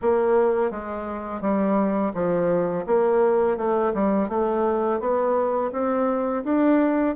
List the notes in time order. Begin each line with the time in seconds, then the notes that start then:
0.01 A#3
0.70 G#3
1.41 G3
2.14 F3
2.86 A#3
3.57 A3
3.94 G3
4.28 A3
4.99 B3
5.72 C4
6.44 D4